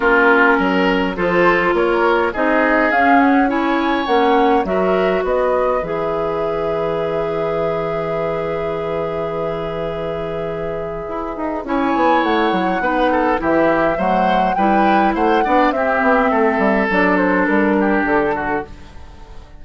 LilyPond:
<<
  \new Staff \with { instrumentName = "flute" } { \time 4/4 \tempo 4 = 103 ais'2 c''4 cis''4 | dis''4 f''8 fis''8 gis''4 fis''4 | e''4 dis''4 e''2~ | e''1~ |
e''1 | gis''4 fis''2 e''4 | fis''4 g''4 fis''4 e''4~ | e''4 d''8 c''8 ais'4 a'4 | }
  \new Staff \with { instrumentName = "oboe" } { \time 4/4 f'4 ais'4 a'4 ais'4 | gis'2 cis''2 | ais'4 b'2.~ | b'1~ |
b'1 | cis''2 b'8 a'8 g'4 | c''4 b'4 c''8 d''8 g'4 | a'2~ a'8 g'4 fis'8 | }
  \new Staff \with { instrumentName = "clarinet" } { \time 4/4 cis'2 f'2 | dis'4 cis'4 e'4 cis'4 | fis'2 gis'2~ | gis'1~ |
gis'1 | e'2 dis'4 e'4 | a4 e'4. d'8 c'4~ | c'4 d'2. | }
  \new Staff \with { instrumentName = "bassoon" } { \time 4/4 ais4 fis4 f4 ais4 | c'4 cis'2 ais4 | fis4 b4 e2~ | e1~ |
e2. e'8 dis'8 | cis'8 b8 a8 fis8 b4 e4 | fis4 g4 a8 b8 c'8 b8 | a8 g8 fis4 g4 d4 | }
>>